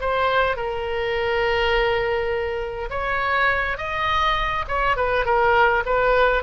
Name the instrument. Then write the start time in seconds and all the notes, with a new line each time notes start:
oboe
0.00 C5
0.56 A#4
2.90 C#5
3.77 D#5
4.68 C#5
4.96 B4
5.25 A#4
5.85 B4